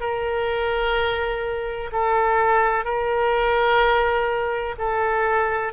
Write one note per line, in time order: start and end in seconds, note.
0.00 1.90 A#4
1.92 2.84 A4
2.84 4.75 A#4
4.77 5.73 A4